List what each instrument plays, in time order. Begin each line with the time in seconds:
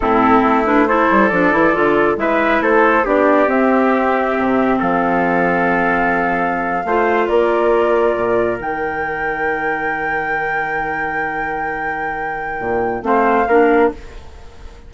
0.00 bassoon A2, clarinet C4, trumpet E4, flute A4
0.43 bassoon A3
0.65 clarinet D4, flute B4
0.87 clarinet E4, trumpet A4, flute C5
1.11 bassoon G3
1.28 bassoon F3, clarinet D4, flute D5
1.52 bassoon E3, clarinet E4
1.73 bassoon D3, clarinet F4
2.16 bassoon G#3, clarinet E4, trumpet B4, flute E5
2.60 bassoon A3, trumpet A4, flute C5
3.04 bassoon B3, clarinet D4, trumpet G4, flute D5
3.46 clarinet C4, bassoon C4, flute E5
4.38 bassoon C3
4.79 bassoon F3, trumpet A4, flute F5
6.84 bassoon A3, clarinet F4, trumpet C5
7.27 bassoon A#3, trumpet A#4, flute D5
8.16 bassoon A#2
8.58 bassoon D#3, clarinet D#4, flute G5
12.60 bassoon A#2
13.02 bassoon A3, clarinet C4, trumpet C5, flute F5
13.47 bassoon A#3, clarinet D4, trumpet A#4